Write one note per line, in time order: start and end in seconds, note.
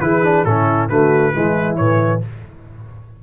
0.00 0.44 E3
0.00 0.23 E4
0.00 0.46 G#4
0.00 0.44 B4
0.23 0.45 D4
0.44 0.89 A2
0.44 0.89 C#4
0.44 0.90 E4
0.44 0.88 A4
0.89 1.33 D3
0.89 1.33 A3
0.89 1.33 F#4
0.89 1.76 B4
1.33 1.79 E3
1.33 1.77 G#3
1.33 2.21 E4
1.76 2.23 A2
1.76 2.21 E3
1.76 2.20 C#5